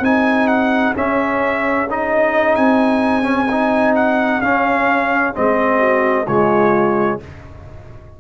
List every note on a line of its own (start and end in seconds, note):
0.00 0.92 C4
0.00 0.95 D#4
0.00 5.78 G#4
0.00 0.47 G#5
0.47 0.93 F#5
0.95 1.87 C#4
0.95 2.57 C#4
0.95 1.89 E5
1.90 3.23 D#4
1.90 2.56 D#5
2.56 4.41 C4
2.56 3.94 G#5
3.23 3.46 C#4
3.51 4.42 D#4
3.96 4.41 F#5
4.41 5.34 C#4
4.41 5.33 F5
5.34 6.27 G#3
5.34 6.26 C4
5.34 6.27 D#5
5.78 6.24 F#4
6.27 7.20 C#3
6.27 7.20 G#3
6.27 7.19 F4
6.27 7.19 C#5